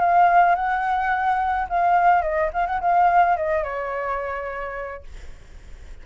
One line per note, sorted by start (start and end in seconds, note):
0.00 0.55 F5
0.55 1.67 F#5
1.69 2.22 F5
2.22 2.50 D#5
2.53 2.66 F5
2.66 2.80 F#5
2.80 3.36 F5
3.37 3.63 D#5
3.63 5.04 C#5